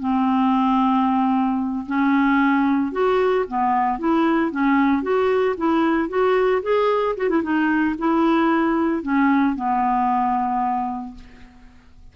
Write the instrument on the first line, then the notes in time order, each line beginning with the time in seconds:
clarinet
0.00 C4
1.87 C#4
2.93 F#4
3.49 B3
3.99 E4
4.51 C#4
5.02 F#4
5.57 E4
6.09 F#4
6.63 G#4
7.17 F#4
7.29 E4
7.43 D#4
7.99 E4
9.03 C#4
9.56 B3